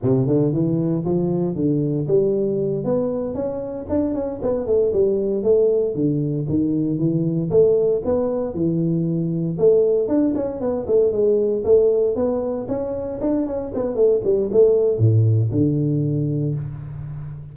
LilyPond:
\new Staff \with { instrumentName = "tuba" } { \time 4/4 \tempo 4 = 116 c8 d8 e4 f4 d4 | g4. b4 cis'4 d'8 | cis'8 b8 a8 g4 a4 d8~ | d8 dis4 e4 a4 b8~ |
b8 e2 a4 d'8 | cis'8 b8 a8 gis4 a4 b8~ | b8 cis'4 d'8 cis'8 b8 a8 g8 | a4 a,4 d2 | }